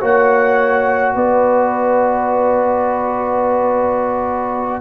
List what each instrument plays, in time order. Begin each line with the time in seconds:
0.00 tuba A#3, trombone F#4, horn C#5, trumpet F#5
1.14 tuba B3, horn B4, trumpet D5